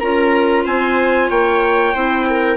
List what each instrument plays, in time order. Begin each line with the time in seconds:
0.00 bassoon C#4, clarinet F4, viola A#4, trumpet A#5
0.64 bassoon C4, viola C5, trumpet G#5
1.30 bassoon A#3, viola C#5, trumpet G5
1.94 bassoon C4, clarinet E4, viola C5
2.30 viola A#4